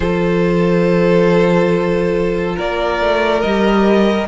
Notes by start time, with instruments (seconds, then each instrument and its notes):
0.00 cello F3, viola F4, violin A4 C5
2.56 cello A#3, violin A#4 D5
3.01 cello A3
3.41 cello G3, viola G4, violin D#5